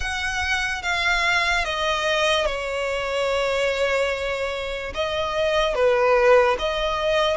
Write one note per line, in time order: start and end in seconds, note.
0.00 0.82 F#5
0.82 1.64 F5
1.64 2.46 D#5
2.46 4.92 C#5
4.94 5.74 D#5
5.74 6.56 B4
6.59 7.36 D#5